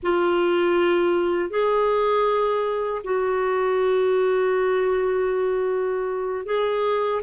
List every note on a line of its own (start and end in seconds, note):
0.02 1.50 F4
1.50 3.02 G#4
3.03 6.45 F#4
6.45 7.21 G#4